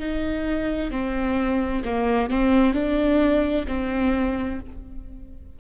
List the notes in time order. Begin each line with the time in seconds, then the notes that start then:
0.00 D#4
0.91 C4
1.85 A#3
2.30 C4
2.74 D4
3.68 C4